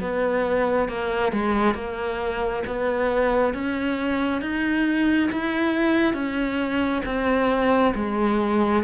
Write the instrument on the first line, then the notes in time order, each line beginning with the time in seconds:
cello
0.00 B3
0.88 A#3
1.32 G#3
1.74 A#3
2.66 B3
3.53 C#4
4.41 D#4
5.31 E4
6.14 C#4
7.05 C4
7.95 G#3